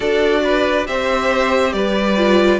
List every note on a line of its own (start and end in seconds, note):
0.00 0.86 D4
0.00 0.87 F#4
0.00 0.41 A4
0.00 0.86 D5
0.43 0.87 B4
0.87 1.73 C4
0.87 2.17 G4
0.87 1.74 C5
0.87 1.72 E5
1.72 2.59 G3
1.72 2.59 B4
1.72 2.59 D5
2.17 2.59 F4